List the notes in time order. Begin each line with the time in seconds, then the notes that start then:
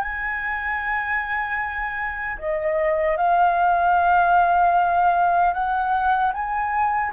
0.00 G#5
2.38 D#5
3.17 F5
5.53 F#5
6.33 G#5